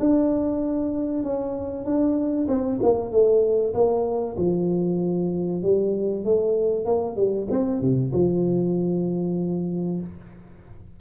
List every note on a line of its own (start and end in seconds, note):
0.00 1.24 D4
1.24 1.85 C#4
1.85 2.47 D4
2.48 2.80 C4
2.83 3.11 A#3
3.11 3.74 A3
3.74 4.37 A#3
4.38 5.62 F3
5.63 6.25 G3
6.25 6.86 A3
6.86 7.16 A#3
7.16 7.47 G3
7.51 7.81 C4
7.81 8.12 C3
8.13 10.01 F3